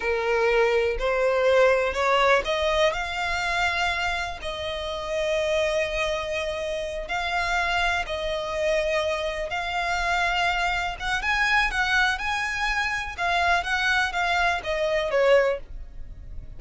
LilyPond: \new Staff \with { instrumentName = "violin" } { \time 4/4 \tempo 4 = 123 ais'2 c''2 | cis''4 dis''4 f''2~ | f''4 dis''2.~ | dis''2~ dis''8 f''4.~ |
f''8 dis''2. f''8~ | f''2~ f''8 fis''8 gis''4 | fis''4 gis''2 f''4 | fis''4 f''4 dis''4 cis''4 | }